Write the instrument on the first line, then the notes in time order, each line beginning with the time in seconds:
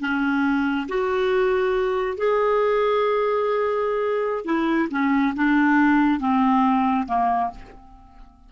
clarinet
0.00 C#4
0.88 F#4
2.17 G#4
4.45 E4
4.91 C#4
5.36 D4
6.20 C4
7.07 A#3